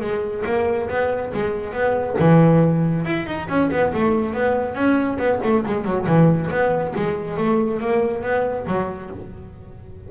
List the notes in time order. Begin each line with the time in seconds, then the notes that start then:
0.00 G#3
0.45 A#3
0.89 B3
1.33 G#3
1.73 B3
2.19 E3
3.05 E4
3.26 D#4
3.48 C#4
3.71 B3
3.93 A3
4.33 B3
4.74 C#4
5.18 B3
5.43 A3
5.65 G#3
5.84 F#3
6.06 E3
6.51 B3
6.96 G#3
7.37 A3
7.80 A#3
8.22 B3
8.66 F#3